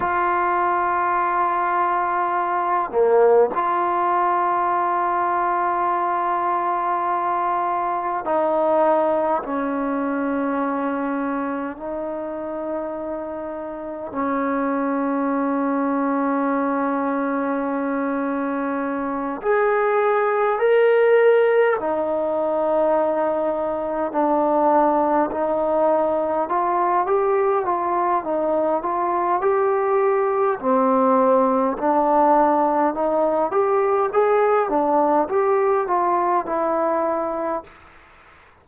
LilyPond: \new Staff \with { instrumentName = "trombone" } { \time 4/4 \tempo 4 = 51 f'2~ f'8 ais8 f'4~ | f'2. dis'4 | cis'2 dis'2 | cis'1~ |
cis'8 gis'4 ais'4 dis'4.~ | dis'8 d'4 dis'4 f'8 g'8 f'8 | dis'8 f'8 g'4 c'4 d'4 | dis'8 g'8 gis'8 d'8 g'8 f'8 e'4 | }